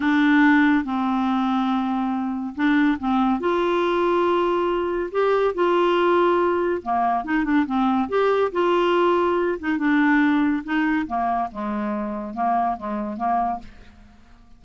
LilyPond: \new Staff \with { instrumentName = "clarinet" } { \time 4/4 \tempo 4 = 141 d'2 c'2~ | c'2 d'4 c'4 | f'1 | g'4 f'2. |
ais4 dis'8 d'8 c'4 g'4 | f'2~ f'8 dis'8 d'4~ | d'4 dis'4 ais4 gis4~ | gis4 ais4 gis4 ais4 | }